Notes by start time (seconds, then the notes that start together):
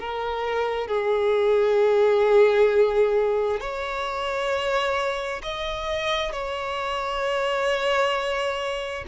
0.00 A#4
0.88 G#4
3.61 C#5
5.43 D#5
6.33 C#5